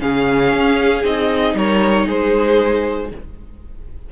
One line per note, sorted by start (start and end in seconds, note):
0.00 0.53 C#3
0.00 1.03 C#4
0.00 1.55 G#4
0.00 1.03 F5
0.53 1.04 C#4
1.03 1.54 C4
1.03 3.08 D#4
1.03 1.57 D#5
1.54 2.05 G3
1.54 2.06 A#4
1.54 2.08 C#5
2.06 3.12 G#3
2.06 3.09 G#4
2.06 3.11 C5